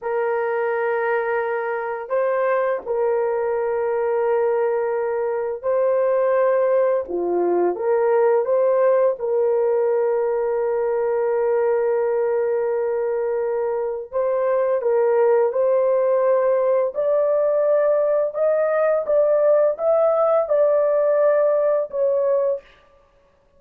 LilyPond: \new Staff \with { instrumentName = "horn" } { \time 4/4 \tempo 4 = 85 ais'2. c''4 | ais'1 | c''2 f'4 ais'4 | c''4 ais'2.~ |
ais'1 | c''4 ais'4 c''2 | d''2 dis''4 d''4 | e''4 d''2 cis''4 | }